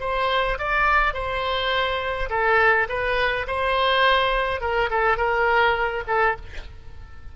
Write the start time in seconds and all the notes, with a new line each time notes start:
0.00 C5
0.58 D5
1.14 C5
2.29 A4
2.89 B4
3.47 C5
4.61 A#4
4.90 A4
5.17 A#4
6.07 A4